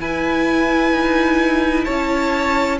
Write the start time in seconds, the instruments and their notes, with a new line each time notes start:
0.00 viola E4, cello E4, violin B4 G#5
0.92 cello D#4
1.85 cello C#4, violin C#5 A5